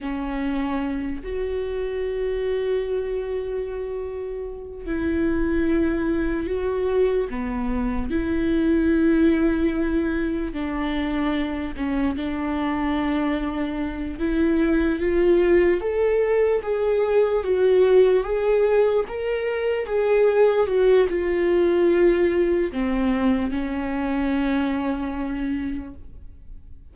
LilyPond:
\new Staff \with { instrumentName = "viola" } { \time 4/4 \tempo 4 = 74 cis'4. fis'2~ fis'8~ | fis'2 e'2 | fis'4 b4 e'2~ | e'4 d'4. cis'8 d'4~ |
d'4. e'4 f'4 a'8~ | a'8 gis'4 fis'4 gis'4 ais'8~ | ais'8 gis'4 fis'8 f'2 | c'4 cis'2. | }